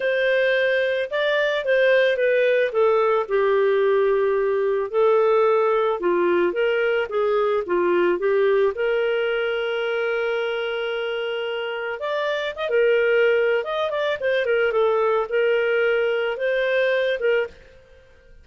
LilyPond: \new Staff \with { instrumentName = "clarinet" } { \time 4/4 \tempo 4 = 110 c''2 d''4 c''4 | b'4 a'4 g'2~ | g'4 a'2 f'4 | ais'4 gis'4 f'4 g'4 |
ais'1~ | ais'2 d''4 dis''16 ais'8.~ | ais'4 dis''8 d''8 c''8 ais'8 a'4 | ais'2 c''4. ais'8 | }